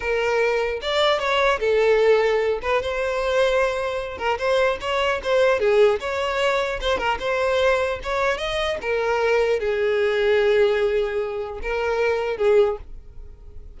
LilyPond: \new Staff \with { instrumentName = "violin" } { \time 4/4 \tempo 4 = 150 ais'2 d''4 cis''4 | a'2~ a'8 b'8 c''4~ | c''2~ c''8 ais'8 c''4 | cis''4 c''4 gis'4 cis''4~ |
cis''4 c''8 ais'8 c''2 | cis''4 dis''4 ais'2 | gis'1~ | gis'4 ais'2 gis'4 | }